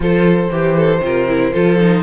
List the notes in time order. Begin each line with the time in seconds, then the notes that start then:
0.00 F3 F4 A4 C5
0.51 E3 G4
0.76 A4
1.00 C3 F4 A#4
1.28 E4
1.53 F3 F4 A4
1.80 D#4